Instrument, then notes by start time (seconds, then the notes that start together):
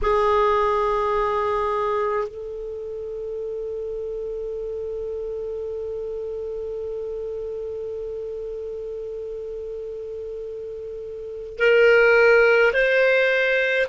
clarinet
0.02 G#4
2.27 A4
11.58 A#4
12.73 C5